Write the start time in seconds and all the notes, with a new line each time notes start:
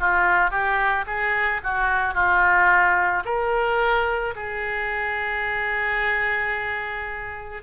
0.00 F4
0.51 G4
1.07 G#4
1.64 F#4
2.15 F4
3.25 A#4
4.36 G#4